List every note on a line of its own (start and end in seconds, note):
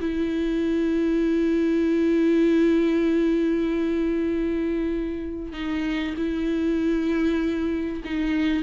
0.00 5.52 E4
5.52 6.14 D#4
6.17 8.02 E4
8.04 8.63 D#4